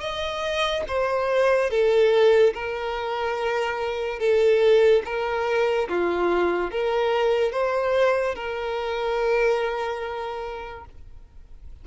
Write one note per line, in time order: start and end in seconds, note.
0.00 0.83 D#5
0.88 1.70 C5
1.70 2.53 A4
2.53 4.19 A#4
4.19 5.03 A4
5.05 5.88 A#4
5.88 6.71 F4
6.71 7.52 A#4
7.52 8.35 C5
8.35 10.85 A#4